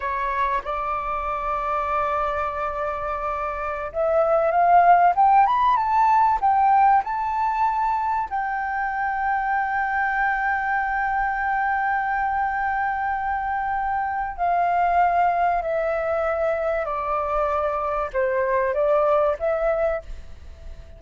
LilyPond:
\new Staff \with { instrumentName = "flute" } { \time 4/4 \tempo 4 = 96 cis''4 d''2.~ | d''2~ d''16 e''4 f''8.~ | f''16 g''8 b''8 a''4 g''4 a''8.~ | a''4~ a''16 g''2~ g''8.~ |
g''1~ | g''2. f''4~ | f''4 e''2 d''4~ | d''4 c''4 d''4 e''4 | }